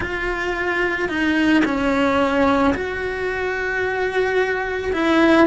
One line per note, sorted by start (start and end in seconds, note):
0.00 1.08 F4
1.08 1.63 D#4
1.64 2.73 C#4
2.74 4.92 F#4
4.92 5.47 E4